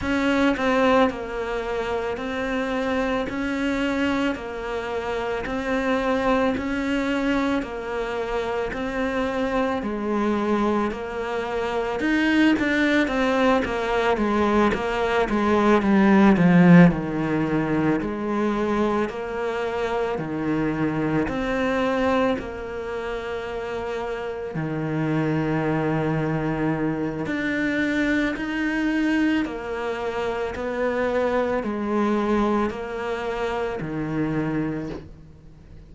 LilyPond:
\new Staff \with { instrumentName = "cello" } { \time 4/4 \tempo 4 = 55 cis'8 c'8 ais4 c'4 cis'4 | ais4 c'4 cis'4 ais4 | c'4 gis4 ais4 dis'8 d'8 | c'8 ais8 gis8 ais8 gis8 g8 f8 dis8~ |
dis8 gis4 ais4 dis4 c'8~ | c'8 ais2 dis4.~ | dis4 d'4 dis'4 ais4 | b4 gis4 ais4 dis4 | }